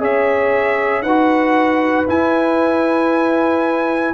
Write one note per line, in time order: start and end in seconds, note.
0.00 1.02 C#4
0.00 1.04 G#4
0.00 1.04 C#5
0.00 1.02 E5
1.02 2.05 D#4
1.02 2.08 F#4
1.02 4.14 B4
1.02 2.06 F#5
2.08 4.14 E4
2.08 4.14 G#5